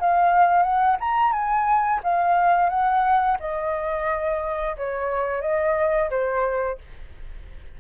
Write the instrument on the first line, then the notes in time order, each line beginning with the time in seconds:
flute
0.00 F5
0.63 F#5
1.00 A#5
1.32 G#5
2.04 F5
2.70 F#5
3.40 D#5
4.77 C#5
5.42 D#5
6.10 C5